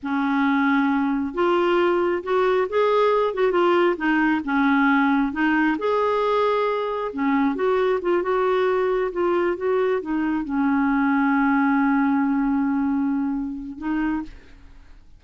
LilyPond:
\new Staff \with { instrumentName = "clarinet" } { \time 4/4 \tempo 4 = 135 cis'2. f'4~ | f'4 fis'4 gis'4. fis'8 | f'4 dis'4 cis'2 | dis'4 gis'2. |
cis'4 fis'4 f'8 fis'4.~ | fis'8 f'4 fis'4 dis'4 cis'8~ | cis'1~ | cis'2. dis'4 | }